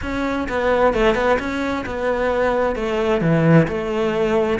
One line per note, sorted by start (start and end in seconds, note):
0.02 0.47 C#4
0.49 0.93 B3
0.93 1.15 A3
1.15 1.37 B3
1.39 1.84 C#4
1.86 2.75 B3
2.75 3.21 A3
3.21 3.67 E3
3.67 4.59 A3